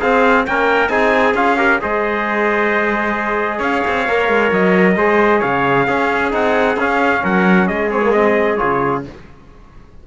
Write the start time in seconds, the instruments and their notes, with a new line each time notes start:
0.00 cello C4, trombone C4, trumpet G#4 F5
0.47 cello A#3, trombone C#4, trumpet A#4 G5
0.89 cello C4, trombone D#4, trumpet G#4 G#5
1.34 cello C#4, trombone F4, trumpet F5
1.57 trombone G4, trumpet A#4
1.81 cello G#3, trombone G#4, trumpet C5 D#5
3.58 cello C#4, trumpet C#5 F5
3.87 cello C4
4.08 cello A#3, trombone A#4
4.29 cello G#3
4.51 cello F#3, trumpet D#5
4.96 cello G#3, trombone G#4, trumpet C5
5.39 cello C#3, trumpet C#5 F5
5.87 trombone C#4, cello C#4, trumpet G#4
6.31 cello C4, trombone D#4, trumpet F#5
6.77 cello C#4, trombone C#4, trumpet F5
7.23 cello F#3, trumpet A#4 F#5
7.67 cello G#3, trumpet G#4 D#5
7.90 trombone C4, trumpet C#5
8.03 trombone A#3
8.12 trombone C4, trumpet D#5
8.56 cello C#3, trombone F4, trumpet C#5